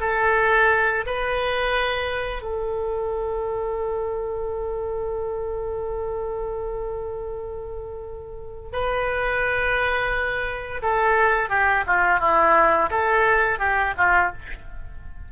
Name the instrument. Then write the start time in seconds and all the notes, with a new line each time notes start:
oboe
0.00 A4
1.06 B4
2.42 A4
8.72 B4
10.82 A4
11.49 G4
11.86 F4
12.20 E4
12.90 A4
13.59 G4
13.97 F4